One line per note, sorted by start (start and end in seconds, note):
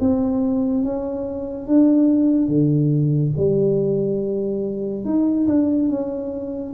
0.00 0.84 C4
0.84 1.67 C#4
1.67 2.48 D4
2.48 3.32 D3
3.37 5.05 G3
5.05 5.47 D#4
5.48 5.89 D4
5.89 6.74 C#4